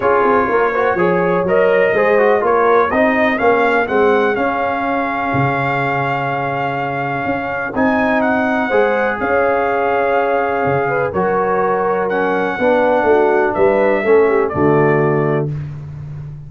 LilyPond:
<<
  \new Staff \with { instrumentName = "trumpet" } { \time 4/4 \tempo 4 = 124 cis''2. dis''4~ | dis''4 cis''4 dis''4 f''4 | fis''4 f''2.~ | f''1 |
gis''4 fis''2 f''4~ | f''2. cis''4~ | cis''4 fis''2. | e''2 d''2 | }
  \new Staff \with { instrumentName = "horn" } { \time 4/4 gis'4 ais'8 c''8 cis''2 | c''4 ais'4 gis'2~ | gis'1~ | gis'1~ |
gis'2 c''4 cis''4~ | cis''2~ cis''8 b'8 ais'4~ | ais'2 b'4 fis'4 | b'4 a'8 g'8 fis'2 | }
  \new Staff \with { instrumentName = "trombone" } { \time 4/4 f'4. fis'8 gis'4 ais'4 | gis'8 fis'8 f'4 dis'4 cis'4 | c'4 cis'2.~ | cis'1 |
dis'2 gis'2~ | gis'2. fis'4~ | fis'4 cis'4 d'2~ | d'4 cis'4 a2 | }
  \new Staff \with { instrumentName = "tuba" } { \time 4/4 cis'8 c'8 ais4 f4 fis4 | gis4 ais4 c'4 ais4 | gis4 cis'2 cis4~ | cis2. cis'4 |
c'2 gis4 cis'4~ | cis'2 cis4 fis4~ | fis2 b4 a4 | g4 a4 d2 | }
>>